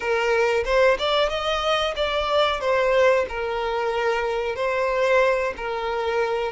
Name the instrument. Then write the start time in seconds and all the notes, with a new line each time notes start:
violin
0.00 A#4
0.65 C5
0.98 D5
1.29 D#5
1.96 D5
2.60 C5
3.28 A#4
4.55 C5
5.56 A#4